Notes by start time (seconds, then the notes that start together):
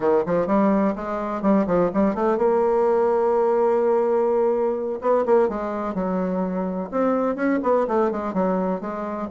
0.00 D#3
0.26 F3
0.47 G3
0.95 G#3
1.42 G3
1.66 F3
1.93 G3
2.15 A3
2.37 A#3
5.01 B3
5.25 A#3
5.48 G#3
5.94 F#3
6.91 C4
7.35 C#4
7.63 B3
7.87 A3
8.11 G#3
8.33 F#3
8.81 G#3